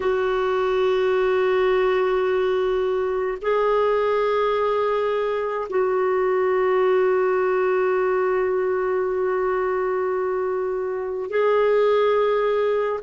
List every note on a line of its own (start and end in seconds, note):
0.00 3.38 F#4
3.41 5.68 G#4
5.69 11.30 F#4
11.30 12.99 G#4